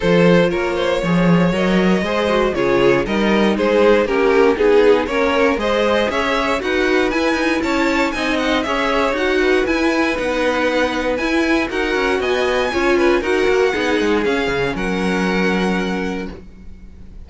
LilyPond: <<
  \new Staff \with { instrumentName = "violin" } { \time 4/4 \tempo 4 = 118 c''4 cis''2 dis''4~ | dis''4 cis''4 dis''4 c''4 | ais'4 gis'4 cis''4 dis''4 | e''4 fis''4 gis''4 a''4 |
gis''8 fis''8 e''4 fis''4 gis''4 | fis''2 gis''4 fis''4 | gis''2 fis''2 | f''4 fis''2. | }
  \new Staff \with { instrumentName = "violin" } { \time 4/4 a'4 ais'8 c''8 cis''2 | c''4 gis'4 ais'4 gis'4 | g'4 gis'4 ais'4 c''4 | cis''4 b'2 cis''4 |
dis''4 cis''4. b'4.~ | b'2. ais'4 | dis''4 cis''8 b'8 ais'4 gis'4~ | gis'4 ais'2. | }
  \new Staff \with { instrumentName = "viola" } { \time 4/4 f'2 gis'4 ais'4 | gis'8 fis'8 f'4 dis'2 | cis'4 dis'4 cis'4 gis'4~ | gis'4 fis'4 e'2 |
dis'4 gis'4 fis'4 e'4 | dis'2 e'4 fis'4~ | fis'4 f'4 fis'4 dis'4 | cis'1 | }
  \new Staff \with { instrumentName = "cello" } { \time 4/4 f4 ais4 f4 fis4 | gis4 cis4 g4 gis4 | ais4 b4 ais4 gis4 | cis'4 dis'4 e'8 dis'8 cis'4 |
c'4 cis'4 dis'4 e'4 | b2 e'4 dis'8 cis'8 | b4 cis'4 dis'8 ais8 b8 gis8 | cis'8 cis8 fis2. | }
>>